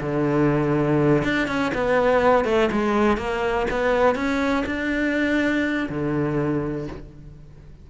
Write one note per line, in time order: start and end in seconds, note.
0.00 1.23 D3
1.24 1.47 D4
1.47 1.72 C#4
1.74 2.45 B3
2.45 2.69 A3
2.71 3.17 G#3
3.17 3.66 A#3
3.70 4.15 B3
4.15 4.64 C#4
4.66 5.89 D4
5.89 6.87 D3